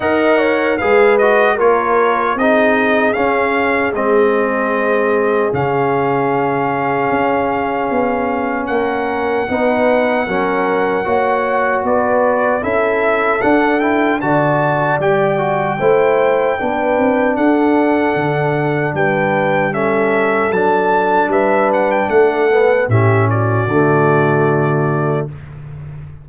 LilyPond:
<<
  \new Staff \with { instrumentName = "trumpet" } { \time 4/4 \tempo 4 = 76 fis''4 f''8 dis''8 cis''4 dis''4 | f''4 dis''2 f''4~ | f''2. fis''4~ | fis''2. d''4 |
e''4 fis''8 g''8 a''4 g''4~ | g''2 fis''2 | g''4 e''4 a''4 e''8 fis''16 g''16 | fis''4 e''8 d''2~ d''8 | }
  \new Staff \with { instrumentName = "horn" } { \time 4/4 dis''8 cis''8 b'4 ais'4 gis'4~ | gis'1~ | gis'2. ais'4 | b'4 ais'4 cis''4 b'4 |
a'2 d''2 | c''4 b'4 a'2 | b'4 a'2 b'4 | a'4 g'8 fis'2~ fis'8 | }
  \new Staff \with { instrumentName = "trombone" } { \time 4/4 ais'4 gis'8 fis'8 f'4 dis'4 | cis'4 c'2 cis'4~ | cis'1 | dis'4 cis'4 fis'2 |
e'4 d'8 e'8 fis'4 g'8 fis'8 | e'4 d'2.~ | d'4 cis'4 d'2~ | d'8 b8 cis'4 a2 | }
  \new Staff \with { instrumentName = "tuba" } { \time 4/4 dis'4 gis4 ais4 c'4 | cis'4 gis2 cis4~ | cis4 cis'4 b4 ais4 | b4 fis4 ais4 b4 |
cis'4 d'4 d4 g4 | a4 b8 c'8 d'4 d4 | g2 fis4 g4 | a4 a,4 d2 | }
>>